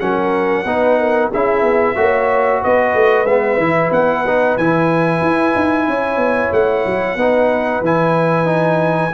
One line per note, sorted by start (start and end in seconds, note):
0.00 0.65 F#3
0.00 0.66 C#4
0.00 0.66 A#4
0.00 1.30 F#5
0.65 1.30 B3
0.65 1.32 D#4
0.65 0.99 B4
0.99 1.30 A#4
1.30 1.63 C#4
1.30 1.96 E4
1.30 1.95 G#4
1.30 2.64 E5
1.63 1.95 B3
1.96 2.62 A#3
1.96 3.26 F#4
1.96 2.62 C#5
2.62 2.95 B3
2.62 5.88 B4
2.62 3.27 D#5
2.95 3.25 A3
3.25 3.58 G#3
3.25 3.60 B3
3.25 3.92 E5
3.58 3.90 E3
3.58 4.26 E4
3.91 4.57 B3
3.91 4.58 F#5
4.27 4.60 D#4
4.58 5.22 E3
4.58 7.19 E4
4.58 6.53 G#5
5.22 5.54 E4
5.56 5.88 D#4
5.88 6.17 C#4
5.88 7.20 C#5
6.17 6.50 B3
6.52 6.85 A3
6.52 7.84 F#5
6.86 7.16 F#3
7.16 7.81 B3
7.16 7.84 D#4
7.16 9.14 B4
7.81 9.11 E3
7.81 8.46 E4
7.81 9.14 G#5
8.46 9.11 D#4